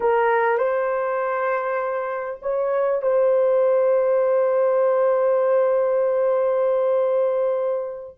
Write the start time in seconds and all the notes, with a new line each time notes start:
0.00 A#4
0.58 C5
2.41 C#5
3.01 C5